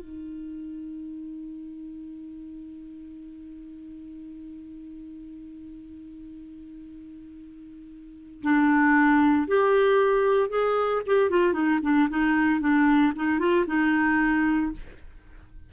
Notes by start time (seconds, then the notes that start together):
0.00 D#4
8.43 D4
9.48 G4
10.50 G#4
11.07 G4
11.31 F4
11.54 D#4
11.83 D4
12.10 D#4
12.61 D4
13.16 D#4
13.39 F4
13.67 D#4